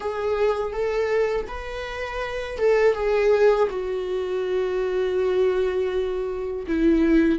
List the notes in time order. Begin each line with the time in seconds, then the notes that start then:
0.00 G#4
0.72 A4
1.47 B4
2.58 A4
2.94 G#4
3.70 F#4
6.67 E4